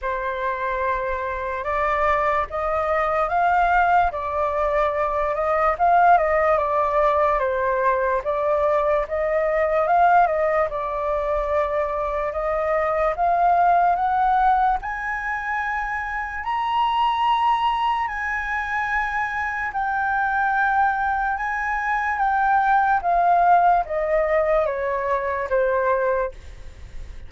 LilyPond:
\new Staff \with { instrumentName = "flute" } { \time 4/4 \tempo 4 = 73 c''2 d''4 dis''4 | f''4 d''4. dis''8 f''8 dis''8 | d''4 c''4 d''4 dis''4 | f''8 dis''8 d''2 dis''4 |
f''4 fis''4 gis''2 | ais''2 gis''2 | g''2 gis''4 g''4 | f''4 dis''4 cis''4 c''4 | }